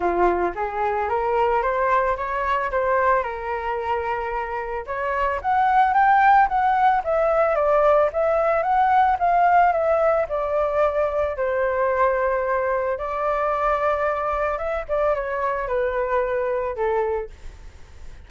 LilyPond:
\new Staff \with { instrumentName = "flute" } { \time 4/4 \tempo 4 = 111 f'4 gis'4 ais'4 c''4 | cis''4 c''4 ais'2~ | ais'4 cis''4 fis''4 g''4 | fis''4 e''4 d''4 e''4 |
fis''4 f''4 e''4 d''4~ | d''4 c''2. | d''2. e''8 d''8 | cis''4 b'2 a'4 | }